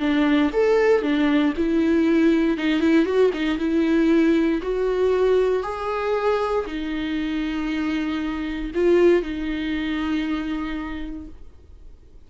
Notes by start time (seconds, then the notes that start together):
0.00 D4
0.53 A4
1.02 D4
1.57 E4
2.58 D#4
2.80 E4
3.06 F#4
3.34 D#4
3.59 E4
4.63 F#4
5.63 G#4
6.67 D#4
8.75 F4
9.23 D#4